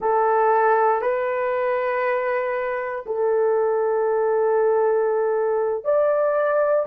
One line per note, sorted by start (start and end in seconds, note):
0.00 1.01 A4
1.01 3.05 B4
3.06 5.84 A4
5.84 6.86 D5